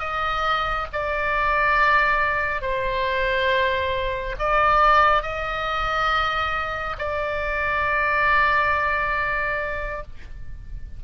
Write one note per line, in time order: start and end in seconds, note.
0.00 0.87 D#5
0.93 2.62 D5
2.62 4.36 C5
4.39 5.23 D5
5.23 6.97 D#5
6.98 10.03 D5